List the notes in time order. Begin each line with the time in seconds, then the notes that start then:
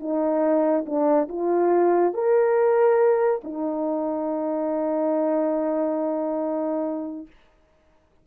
0.00 D#4
0.86 D4
1.29 F4
2.14 A#4
3.44 D#4